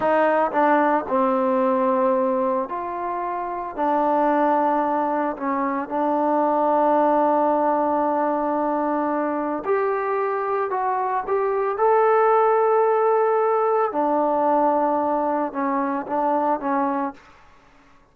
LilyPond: \new Staff \with { instrumentName = "trombone" } { \time 4/4 \tempo 4 = 112 dis'4 d'4 c'2~ | c'4 f'2 d'4~ | d'2 cis'4 d'4~ | d'1~ |
d'2 g'2 | fis'4 g'4 a'2~ | a'2 d'2~ | d'4 cis'4 d'4 cis'4 | }